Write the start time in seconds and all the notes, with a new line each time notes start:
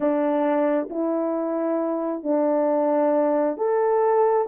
0.00 D4
0.90 E4
2.23 D4
3.57 A4